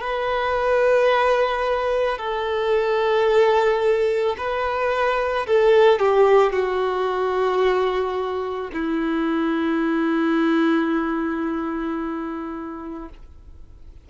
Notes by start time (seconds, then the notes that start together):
0.00 B4
2.18 A4
4.37 B4
5.46 A4
5.99 G4
6.52 F#4
8.73 E4